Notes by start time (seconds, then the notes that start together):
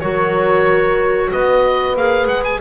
0.00 F#3 F#4 A#4 C#5
1.31 B3 B4 D#5
1.96 A#3 G#4 F5
2.27 G#3 F#5
2.44 G#5